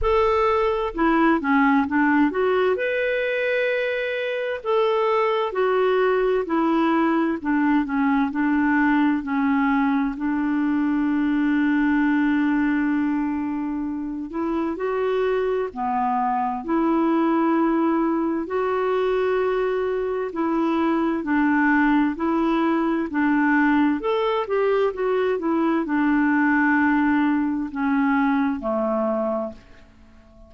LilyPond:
\new Staff \with { instrumentName = "clarinet" } { \time 4/4 \tempo 4 = 65 a'4 e'8 cis'8 d'8 fis'8 b'4~ | b'4 a'4 fis'4 e'4 | d'8 cis'8 d'4 cis'4 d'4~ | d'2.~ d'8 e'8 |
fis'4 b4 e'2 | fis'2 e'4 d'4 | e'4 d'4 a'8 g'8 fis'8 e'8 | d'2 cis'4 a4 | }